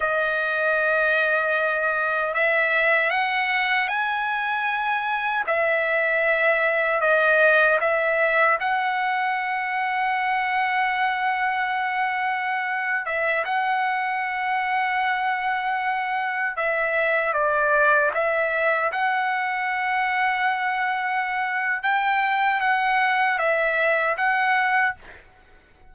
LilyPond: \new Staff \with { instrumentName = "trumpet" } { \time 4/4 \tempo 4 = 77 dis''2. e''4 | fis''4 gis''2 e''4~ | e''4 dis''4 e''4 fis''4~ | fis''1~ |
fis''8. e''8 fis''2~ fis''8.~ | fis''4~ fis''16 e''4 d''4 e''8.~ | e''16 fis''2.~ fis''8. | g''4 fis''4 e''4 fis''4 | }